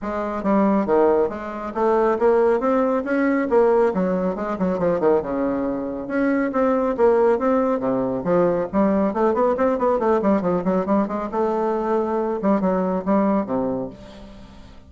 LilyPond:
\new Staff \with { instrumentName = "bassoon" } { \time 4/4 \tempo 4 = 138 gis4 g4 dis4 gis4 | a4 ais4 c'4 cis'4 | ais4 fis4 gis8 fis8 f8 dis8 | cis2 cis'4 c'4 |
ais4 c'4 c4 f4 | g4 a8 b8 c'8 b8 a8 g8 | f8 fis8 g8 gis8 a2~ | a8 g8 fis4 g4 c4 | }